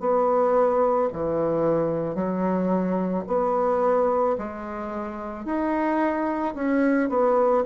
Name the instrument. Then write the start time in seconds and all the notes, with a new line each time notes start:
bassoon
0.00 B3
1.13 E3
2.15 F#3
3.27 B3
4.38 G#3
5.45 D#4
6.55 C#4
7.10 B3